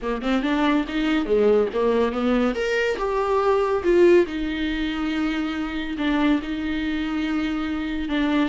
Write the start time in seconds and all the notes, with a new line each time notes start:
0.02 A#3
0.21 C4
0.42 D4
0.87 D#4
1.25 G#3
1.73 A#3
2.12 B3
2.54 A#4
2.98 G4
3.83 F4
4.26 D#4
5.97 D4
6.42 D#4
8.08 D4